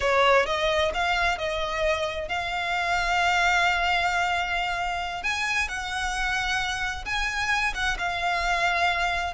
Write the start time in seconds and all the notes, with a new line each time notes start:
0.00 C#5
0.46 D#5
0.93 F5
1.37 D#5
2.28 F5
5.23 G#5
5.68 F#5
7.05 G#5
7.74 F#5
7.98 F5